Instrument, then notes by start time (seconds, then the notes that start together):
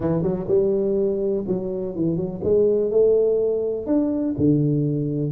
tuba
0.00 E3
0.22 F#3
0.48 G3
1.47 F#3
1.95 E3
2.16 F#3
2.43 G#3
2.90 A3
3.86 D4
4.37 D3